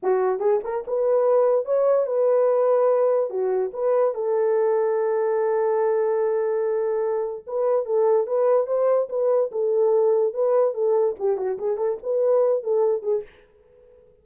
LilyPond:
\new Staff \with { instrumentName = "horn" } { \time 4/4 \tempo 4 = 145 fis'4 gis'8 ais'8 b'2 | cis''4 b'2. | fis'4 b'4 a'2~ | a'1~ |
a'2 b'4 a'4 | b'4 c''4 b'4 a'4~ | a'4 b'4 a'4 g'8 fis'8 | gis'8 a'8 b'4. a'4 gis'8 | }